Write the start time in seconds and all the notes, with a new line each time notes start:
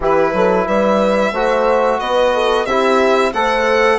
0.00 E3 E4 G4 B4
0.33 F#3 A4
0.65 G3 B4 E5
1.32 A3 F#4 C5
1.99 B3 B4 D#5
2.33 A4
2.65 C4 E4 G4 E5
3.33 A3 A4 C5 F#5